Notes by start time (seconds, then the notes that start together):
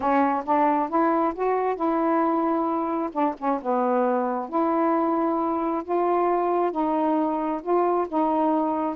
0.00 C#4
0.45 D4
0.89 E4
1.34 F#4
1.75 E4
3.12 D4
3.38 C#4
3.62 B3
4.49 E4
5.84 F4
6.71 D#4
7.62 F4
8.08 D#4